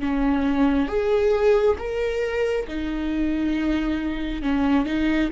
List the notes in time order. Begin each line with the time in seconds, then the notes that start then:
0.00 C#4
0.88 G#4
1.78 A#4
2.68 D#4
4.42 C#4
4.85 D#4